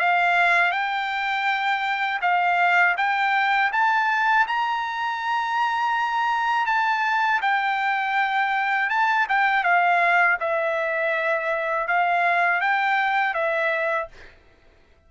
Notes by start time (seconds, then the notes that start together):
0.00 F5
0.72 G5
2.22 F5
2.98 G5
3.73 A5
4.47 A#5
6.66 A5
7.42 G5
8.90 A5
9.29 G5
9.64 F5
10.40 E5
11.88 F5
12.61 G5
13.34 E5